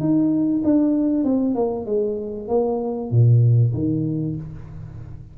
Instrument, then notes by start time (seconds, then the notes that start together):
tuba
0.00 D#4
0.64 D4
1.24 C4
1.55 A#3
1.86 G#3
2.48 A#3
3.11 A#2
3.74 D#3